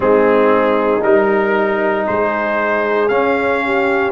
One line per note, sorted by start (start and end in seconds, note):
0.00 1.02 G#3
0.00 1.00 C4
0.00 2.08 D#4
0.00 1.02 G#4
1.02 2.06 G3
1.02 3.09 D#4
1.02 2.06 A#4
2.06 3.10 G#3
2.06 3.65 G#4
2.06 3.08 C5
3.08 4.11 C#4
3.08 4.11 F5
3.65 4.11 G4